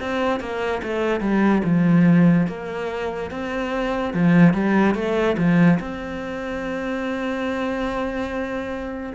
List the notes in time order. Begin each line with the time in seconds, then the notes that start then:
0.00 C4
0.40 A#3
0.83 A3
1.21 G3
1.64 F3
2.47 A#3
3.31 C4
4.14 F3
4.54 G3
4.95 A3
5.38 F3
5.80 C4